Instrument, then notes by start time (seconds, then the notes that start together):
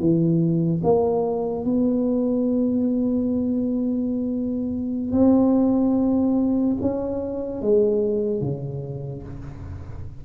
tuba
0.00 E3
0.84 A#3
1.65 B3
5.12 C4
6.81 C#4
7.62 G#3
8.41 C#3